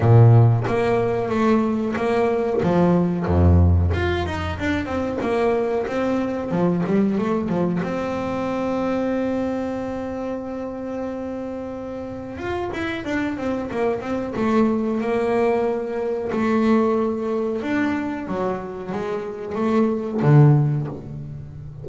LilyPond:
\new Staff \with { instrumentName = "double bass" } { \time 4/4 \tempo 4 = 92 ais,4 ais4 a4 ais4 | f4 f,4 f'8 dis'8 d'8 c'8 | ais4 c'4 f8 g8 a8 f8 | c'1~ |
c'2. f'8 e'8 | d'8 c'8 ais8 c'8 a4 ais4~ | ais4 a2 d'4 | fis4 gis4 a4 d4 | }